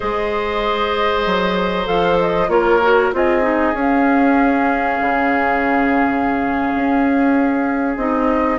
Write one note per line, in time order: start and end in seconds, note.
0.00 1.26 G#3
0.00 1.85 G#4
0.00 2.50 C5
0.00 1.87 D#5
1.26 1.87 F#3
1.85 2.48 F3
1.85 2.47 A4
1.85 2.18 F5
2.18 2.49 D#5
2.48 3.10 A#3
2.48 2.79 F4
2.48 3.14 A#4
2.48 3.12 C#5
2.82 3.12 F#4
3.12 3.73 C4
3.12 3.42 F4
3.12 8.58 G#4
3.12 3.76 D#5
3.42 3.73 D#4
3.73 4.98 C#4
3.73 7.98 C#4
3.73 7.97 F5
5.00 6.72 C#3
6.74 7.96 C#4
7.96 8.58 C4
7.96 8.58 D#4
7.96 8.58 D#5